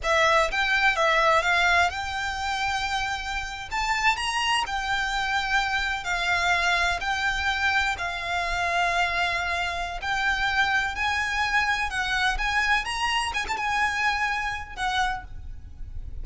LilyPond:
\new Staff \with { instrumentName = "violin" } { \time 4/4 \tempo 4 = 126 e''4 g''4 e''4 f''4 | g''2.~ g''8. a''16~ | a''8. ais''4 g''2~ g''16~ | g''8. f''2 g''4~ g''16~ |
g''8. f''2.~ f''16~ | f''4 g''2 gis''4~ | gis''4 fis''4 gis''4 ais''4 | gis''16 a''16 gis''2~ gis''8 fis''4 | }